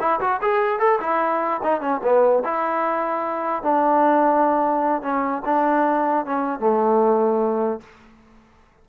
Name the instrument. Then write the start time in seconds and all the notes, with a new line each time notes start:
trombone
0.00 E4
0.20 F#4
0.42 G#4
0.79 A4
1.01 E4
1.63 D#4
1.81 C#4
2.03 B3
2.45 E4
3.63 D4
5.02 C#4
5.45 D4
6.26 C#4
6.60 A3